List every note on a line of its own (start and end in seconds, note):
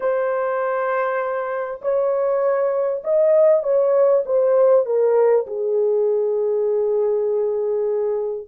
0.00 1.80 C5
1.81 3.02 C#5
3.04 3.63 D#5
3.63 4.23 C#5
4.25 4.85 C5
4.85 5.46 A#4
5.47 8.47 G#4